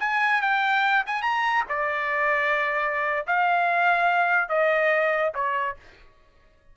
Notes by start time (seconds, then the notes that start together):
0.00 G#5
0.42 G5
1.07 G#5
1.22 A#5
1.69 D5
3.27 F5
4.49 D#5
5.35 C#5